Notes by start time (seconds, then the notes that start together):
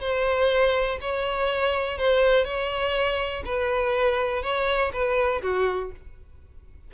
0.00 C5
1.01 C#5
1.98 C5
2.44 C#5
3.44 B4
4.42 C#5
4.92 B4
5.42 F#4